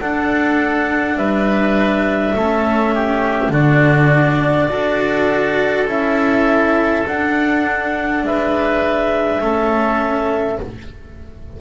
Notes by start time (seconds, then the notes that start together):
0.00 D4 A4 F#5
1.16 G3 B4 E5
2.35 A3 C#4 A4
2.94 G4
3.49 D3 D4 F#4 D5
4.68 D4 F#4 A4
5.87 C#4 E4 E5
7.07 D4 F#5
8.23 G#3 B4 E5
9.41 A3 C#4 A4